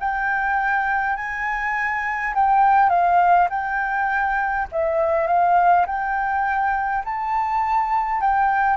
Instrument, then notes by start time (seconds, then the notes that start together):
flute
0.00 G5
1.16 G#5
2.35 G5
2.89 F5
3.50 G5
4.72 E5
5.27 F5
5.86 G5
7.05 A5
8.21 G5